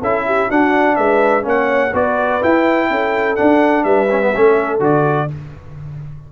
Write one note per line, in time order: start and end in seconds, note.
0.00 0.49 C#4
0.00 0.50 E4
0.00 0.24 A4
0.00 0.50 E5
0.26 0.48 G4
0.48 0.97 D4
0.48 1.42 D4
0.48 0.96 F#4
0.48 0.95 F#5
0.95 1.45 G#3
0.95 1.45 B4
0.95 1.43 E5
1.42 1.93 A#3
1.42 1.90 C#4
1.42 1.93 C#5
1.48 1.95 F#5
1.93 2.41 B3
1.93 2.41 F#4
1.93 2.89 B4
1.93 2.43 D5
2.41 3.36 E4
2.41 2.90 E4
2.41 3.36 G5
2.90 3.38 C#4
2.90 3.85 A4
3.36 4.08 D4
3.36 3.84 D4
3.36 3.84 F#5
3.84 4.32 G3
3.84 4.32 B4
3.84 4.80 E5
4.10 4.21 C#4
4.21 4.33 B3
4.32 4.80 A3
4.32 4.79 C#4
4.32 5.28 A4
4.79 5.28 D3
4.79 5.28 F#4
4.79 5.31 D5